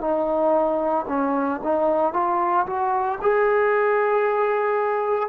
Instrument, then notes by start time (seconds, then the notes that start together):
trombone
0.00 D#4
1.08 C#4
1.63 D#4
2.13 F4
2.66 F#4
3.21 G#4